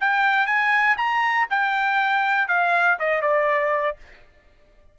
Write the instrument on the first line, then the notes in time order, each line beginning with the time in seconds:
trumpet
0.00 G5
0.46 G#5
0.97 A#5
1.50 G5
2.48 F5
2.99 D#5
3.21 D5